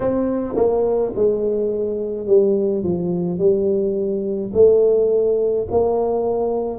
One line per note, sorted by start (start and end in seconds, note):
0.00 0.55 C4
0.56 1.12 A#3
1.15 2.26 G#3
2.26 2.83 G3
2.83 3.38 F3
3.38 4.51 G3
4.53 5.67 A3
5.70 6.79 A#3